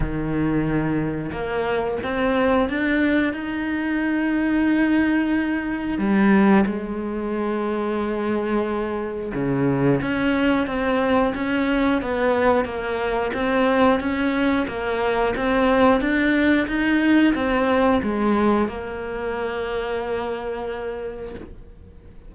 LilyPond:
\new Staff \with { instrumentName = "cello" } { \time 4/4 \tempo 4 = 90 dis2 ais4 c'4 | d'4 dis'2.~ | dis'4 g4 gis2~ | gis2 cis4 cis'4 |
c'4 cis'4 b4 ais4 | c'4 cis'4 ais4 c'4 | d'4 dis'4 c'4 gis4 | ais1 | }